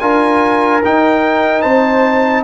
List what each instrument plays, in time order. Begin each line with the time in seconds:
0.00 tuba D4, trombone F4, horn A#4, trumpet G#5
0.84 trombone D#4, tuba D#4, trumpet G5
1.62 tuba C4, horn C5, trumpet A5